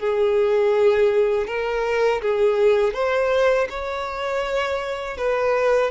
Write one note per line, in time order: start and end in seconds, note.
0.00 1.47 G#4
1.47 2.22 A#4
2.22 2.94 G#4
2.94 3.68 C5
3.70 5.18 C#5
5.18 5.91 B4